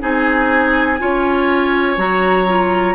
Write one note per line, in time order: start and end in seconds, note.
0.00 1.01 C4
0.00 0.98 D#4
0.00 1.00 G#4
0.00 1.99 G#5
0.99 1.98 C#4
0.99 1.98 F4
0.99 2.96 C#5
1.98 2.96 F#3
1.98 2.47 F#4
1.98 2.96 A#5
2.48 2.96 F4